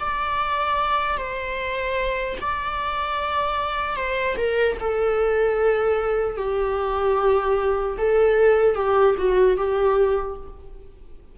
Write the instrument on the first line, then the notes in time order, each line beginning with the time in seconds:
viola
0.00 D5
1.17 C5
2.41 D5
3.96 C5
4.37 A#4
4.80 A4
6.37 G4
7.98 A4
8.75 G4
9.19 F#4
9.57 G4